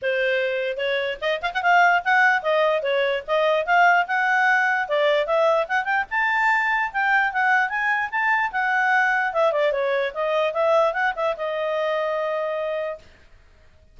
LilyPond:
\new Staff \with { instrumentName = "clarinet" } { \time 4/4 \tempo 4 = 148 c''2 cis''4 dis''8 f''16 fis''16 | f''4 fis''4 dis''4 cis''4 | dis''4 f''4 fis''2 | d''4 e''4 fis''8 g''8 a''4~ |
a''4 g''4 fis''4 gis''4 | a''4 fis''2 e''8 d''8 | cis''4 dis''4 e''4 fis''8 e''8 | dis''1 | }